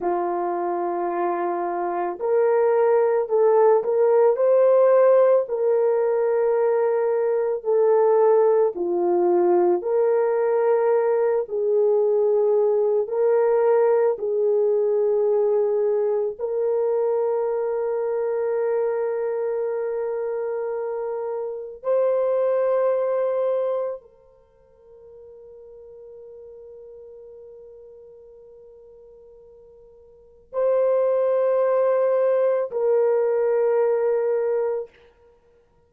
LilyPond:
\new Staff \with { instrumentName = "horn" } { \time 4/4 \tempo 4 = 55 f'2 ais'4 a'8 ais'8 | c''4 ais'2 a'4 | f'4 ais'4. gis'4. | ais'4 gis'2 ais'4~ |
ais'1 | c''2 ais'2~ | ais'1 | c''2 ais'2 | }